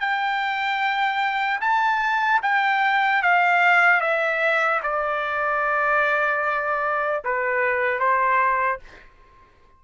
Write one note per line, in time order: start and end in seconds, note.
0.00 1.60 G5
1.61 2.41 A5
2.43 3.23 G5
3.23 4.01 F5
4.01 4.81 E5
4.83 7.23 D5
7.25 8.00 B4
8.00 8.80 C5